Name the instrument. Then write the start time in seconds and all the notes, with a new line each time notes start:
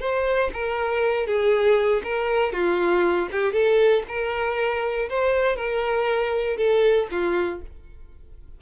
violin
0.00 C5
0.53 A#4
1.27 G#4
2.04 A#4
2.53 F4
3.32 G4
3.53 A4
4.08 A#4
5.09 C5
5.56 A#4
6.57 A4
7.11 F4